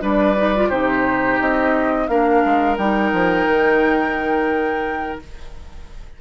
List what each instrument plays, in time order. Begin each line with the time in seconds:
0.00 bassoon G3, clarinet D4, oboe B4, flute D5
0.36 clarinet D#4
0.55 clarinet F4
0.68 bassoon C3, clarinet D#4, oboe G4, flute C5
1.39 bassoon C4, flute D#5
2.07 bassoon A#3, clarinet D4, oboe A#4, flute F5
2.45 bassoon G#3
2.77 bassoon G3, clarinet D#4, flute G5
3.12 bassoon F3
3.46 bassoon D#3